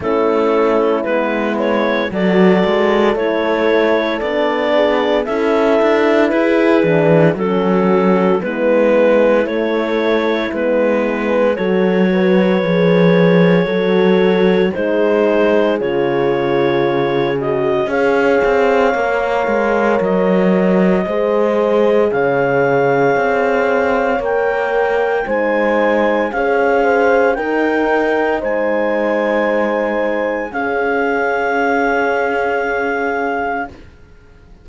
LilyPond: <<
  \new Staff \with { instrumentName = "clarinet" } { \time 4/4 \tempo 4 = 57 a'4 b'8 cis''8 d''4 cis''4 | d''4 e''4 b'4 a'4 | b'4 cis''4 b'4 cis''4~ | cis''2 c''4 cis''4~ |
cis''8 dis''8 f''2 dis''4~ | dis''4 f''2 g''4 | gis''4 f''4 g''4 gis''4~ | gis''4 f''2. | }
  \new Staff \with { instrumentName = "horn" } { \time 4/4 e'2 a'2~ | a'8 gis'8 a'4 gis'4 fis'4 | e'2. a'8 b'8~ | b'4 a'4 gis'2~ |
gis'4 cis''2. | c''4 cis''2. | c''4 cis''8 c''8 ais'4 c''4~ | c''4 gis'2. | }
  \new Staff \with { instrumentName = "horn" } { \time 4/4 cis'4 b4 fis'4 e'4 | d'4 e'4. d'8 cis'4 | b4 a4 b4 fis'4 | gis'4 fis'4 dis'4 f'4~ |
f'8 fis'8 gis'4 ais'2 | gis'2. ais'4 | dis'4 gis'4 dis'2~ | dis'4 cis'2. | }
  \new Staff \with { instrumentName = "cello" } { \time 4/4 a4 gis4 fis8 gis8 a4 | b4 cis'8 d'8 e'8 e8 fis4 | gis4 a4 gis4 fis4 | f4 fis4 gis4 cis4~ |
cis4 cis'8 c'8 ais8 gis8 fis4 | gis4 cis4 c'4 ais4 | gis4 cis'4 dis'4 gis4~ | gis4 cis'2. | }
>>